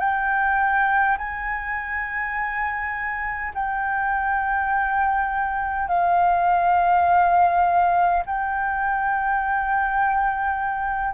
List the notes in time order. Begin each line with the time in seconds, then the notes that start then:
0.00 G5
1.18 G#5
3.55 G5
5.88 F5
8.26 G5